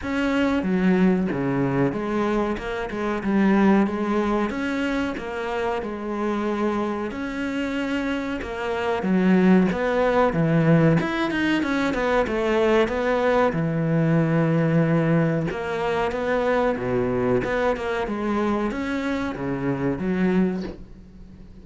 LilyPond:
\new Staff \with { instrumentName = "cello" } { \time 4/4 \tempo 4 = 93 cis'4 fis4 cis4 gis4 | ais8 gis8 g4 gis4 cis'4 | ais4 gis2 cis'4~ | cis'4 ais4 fis4 b4 |
e4 e'8 dis'8 cis'8 b8 a4 | b4 e2. | ais4 b4 b,4 b8 ais8 | gis4 cis'4 cis4 fis4 | }